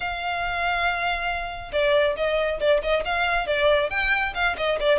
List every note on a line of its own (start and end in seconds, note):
0.00 1.71 F5
1.72 2.15 D5
2.16 2.59 D#5
2.60 2.81 D5
2.82 3.04 D#5
3.04 3.47 F5
3.47 3.90 D5
3.90 4.33 G5
4.34 4.56 F5
4.57 4.78 D#5
4.79 4.99 D5